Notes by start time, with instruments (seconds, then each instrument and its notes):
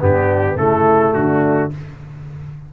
0.00 tuba G2, trombone B3, horn D4, trumpet G4
0.57 tuba C#3, trombone A3, horn E4, trumpet A4
1.14 tuba D3, horn D4, trumpet F#4